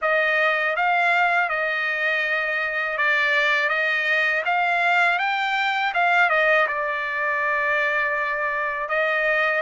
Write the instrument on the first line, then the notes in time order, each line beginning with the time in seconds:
trumpet
0.01 D#5
0.76 F5
1.49 D#5
2.97 D5
3.69 D#5
4.45 F5
5.19 G5
5.94 F5
6.29 D#5
6.67 D5
8.89 D#5